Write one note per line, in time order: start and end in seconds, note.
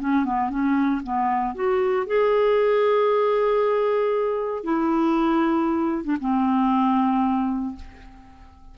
0.00 0.25 C#4
0.25 0.50 B3
0.50 1.02 C#4
1.04 1.55 B3
1.55 2.07 F#4
2.07 4.64 G#4
4.64 6.04 E4
6.04 6.17 D4
6.21 7.76 C4